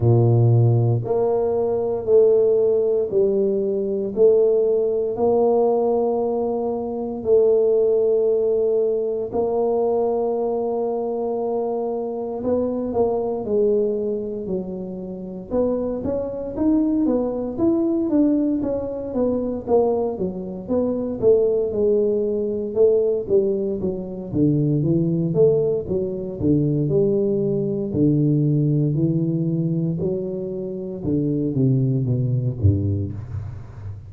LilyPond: \new Staff \with { instrumentName = "tuba" } { \time 4/4 \tempo 4 = 58 ais,4 ais4 a4 g4 | a4 ais2 a4~ | a4 ais2. | b8 ais8 gis4 fis4 b8 cis'8 |
dis'8 b8 e'8 d'8 cis'8 b8 ais8 fis8 | b8 a8 gis4 a8 g8 fis8 d8 | e8 a8 fis8 d8 g4 d4 | e4 fis4 d8 c8 b,8 g,8 | }